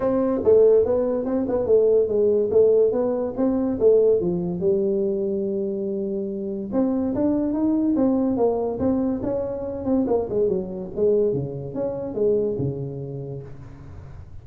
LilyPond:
\new Staff \with { instrumentName = "tuba" } { \time 4/4 \tempo 4 = 143 c'4 a4 b4 c'8 b8 | a4 gis4 a4 b4 | c'4 a4 f4 g4~ | g1 |
c'4 d'4 dis'4 c'4 | ais4 c'4 cis'4. c'8 | ais8 gis8 fis4 gis4 cis4 | cis'4 gis4 cis2 | }